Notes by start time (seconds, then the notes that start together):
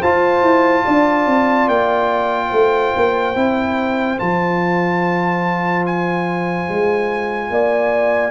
0.00 F4 C5 A5
0.42 E4
0.84 D4 D5
1.26 C4
1.68 A#3 G5
2.47 A3 C5
2.96 A#3
3.35 C4 E4
4.18 F3 F4 A5
5.86 G#5
6.69 G#3
7.50 A#3 D5